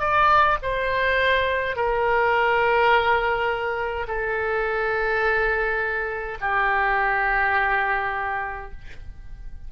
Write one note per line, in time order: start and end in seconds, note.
0.00 0.58 D5
0.62 1.76 C5
1.76 4.06 A#4
4.07 6.38 A4
6.41 8.72 G4